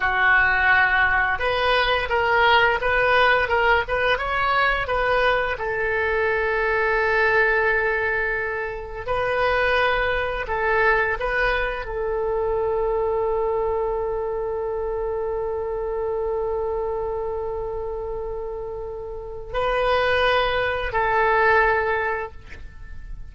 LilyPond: \new Staff \with { instrumentName = "oboe" } { \time 4/4 \tempo 4 = 86 fis'2 b'4 ais'4 | b'4 ais'8 b'8 cis''4 b'4 | a'1~ | a'4 b'2 a'4 |
b'4 a'2.~ | a'1~ | a'1 | b'2 a'2 | }